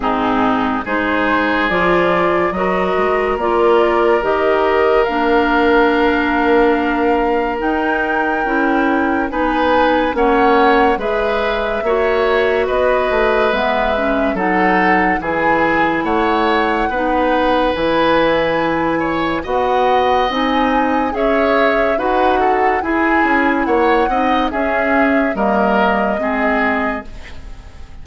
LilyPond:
<<
  \new Staff \with { instrumentName = "flute" } { \time 4/4 \tempo 4 = 71 gis'4 c''4 d''4 dis''4 | d''4 dis''4 f''2~ | f''4 g''2 gis''4 | fis''4 e''2 dis''4 |
e''4 fis''4 gis''4 fis''4~ | fis''4 gis''2 fis''4 | gis''4 e''4 fis''4 gis''4 | fis''4 e''4 dis''2 | }
  \new Staff \with { instrumentName = "oboe" } { \time 4/4 dis'4 gis'2 ais'4~ | ais'1~ | ais'2. b'4 | cis''4 b'4 cis''4 b'4~ |
b'4 a'4 gis'4 cis''4 | b'2~ b'8 cis''8 dis''4~ | dis''4 cis''4 b'8 a'8 gis'4 | cis''8 dis''8 gis'4 ais'4 gis'4 | }
  \new Staff \with { instrumentName = "clarinet" } { \time 4/4 c'4 dis'4 f'4 fis'4 | f'4 g'4 d'2~ | d'4 dis'4 e'4 dis'4 | cis'4 gis'4 fis'2 |
b8 cis'8 dis'4 e'2 | dis'4 e'2 fis'4 | dis'4 gis'4 fis'4 e'4~ | e'8 dis'8 cis'4 ais4 c'4 | }
  \new Staff \with { instrumentName = "bassoon" } { \time 4/4 gis,4 gis4 f4 fis8 gis8 | ais4 dis4 ais2~ | ais4 dis'4 cis'4 b4 | ais4 gis4 ais4 b8 a8 |
gis4 fis4 e4 a4 | b4 e2 b4 | c'4 cis'4 dis'4 e'8 cis'8 | ais8 c'8 cis'4 g4 gis4 | }
>>